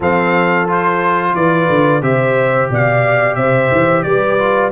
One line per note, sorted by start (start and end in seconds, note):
0.00 1.33 F3
0.00 0.67 C4
0.00 1.33 A4
0.00 0.69 F5
0.67 2.02 F4
0.67 1.35 C5
1.34 1.67 E3
1.34 2.02 B4
1.34 2.02 D5
1.68 2.01 D3
2.01 2.69 C3
2.01 4.37 G4
2.01 2.70 C5
2.01 2.70 E5
2.70 3.36 B2
2.70 3.36 D5
2.70 3.35 F5
3.35 3.70 C3
3.35 4.04 C5
3.35 4.02 E5
3.71 4.05 E3
4.02 4.71 G3
4.02 4.71 B4
4.02 4.70 D5
4.38 4.71 F4